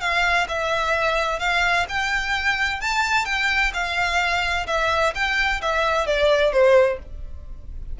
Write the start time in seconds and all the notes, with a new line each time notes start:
0.00 F5
0.48 E5
1.39 F5
1.89 G5
2.81 A5
3.25 G5
3.73 F5
4.67 E5
5.15 G5
5.61 E5
6.06 D5
6.52 C5